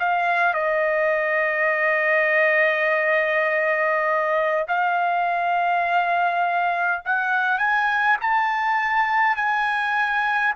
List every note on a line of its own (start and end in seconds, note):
0.00 0.55 F5
0.55 4.66 D#5
4.68 7.03 F5
7.05 7.58 F#5
7.58 8.17 G#5
8.21 9.36 A5
9.36 10.54 G#5